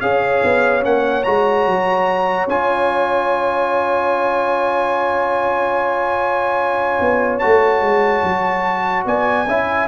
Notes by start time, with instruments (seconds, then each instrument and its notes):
0.00 tuba C#4, trombone G#4, horn C#5, trumpet F5
0.43 tuba B3
0.81 tuba A#3, trombone C#4, trumpet F#5
1.23 tuba G#3, trombone F#4, trumpet A#5
1.66 tuba F#3
2.46 tuba C#4, trombone F4, trumpet G#5
7.00 tuba B3
7.39 tuba A3, trombone F#4, trumpet A5
7.81 tuba G#3
8.23 tuba F#3
9.05 tuba B3, horn D5, trumpet G#5
9.46 tuba C#4, trombone E4, horn E5